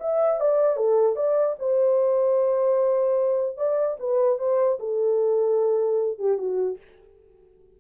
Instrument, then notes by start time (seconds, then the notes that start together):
horn
0.00 E5
0.40 D5
0.77 A4
1.16 D5
1.59 C5
3.57 D5
3.99 B4
4.38 C5
4.79 A4
6.18 G4
6.38 F#4